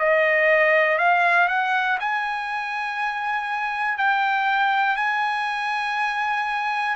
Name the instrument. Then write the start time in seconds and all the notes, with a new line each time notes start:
trumpet
0.00 D#5
0.98 F5
1.48 F#5
2.00 G#5
3.98 G5
4.97 G#5